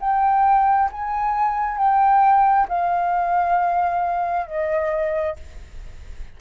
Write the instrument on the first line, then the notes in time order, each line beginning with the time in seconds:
flute
0.00 G5
0.92 G#5
1.77 G5
2.68 F5
4.47 D#5